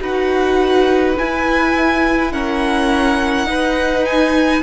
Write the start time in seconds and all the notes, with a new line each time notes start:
0.00 D#4 F#4 B4 F#5
1.18 E4 G#5
2.32 C#4 A#4 F#5
3.45 D#4 B4
4.05 G#5